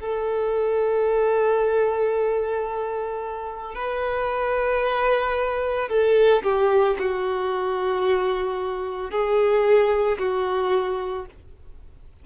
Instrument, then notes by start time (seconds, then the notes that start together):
violin
0.00 A4
3.75 B4
5.89 A4
6.43 G4
6.99 F#4
9.11 G#4
10.18 F#4